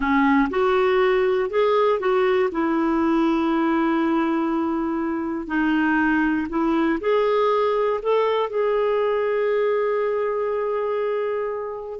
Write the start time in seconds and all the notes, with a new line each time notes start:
0.00 C#4
0.50 F#4
1.50 G#4
1.99 F#4
2.51 E4
5.47 D#4
6.49 E4
7.00 G#4
8.02 A4
8.49 G#4